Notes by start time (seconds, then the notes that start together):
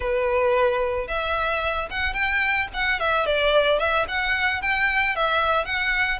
0.00 B4
1.07 E5
1.90 F#5
2.13 G5
2.73 F#5
2.99 E5
3.26 D5
3.79 E5
4.08 F#5
4.61 G5
5.15 E5
5.65 F#5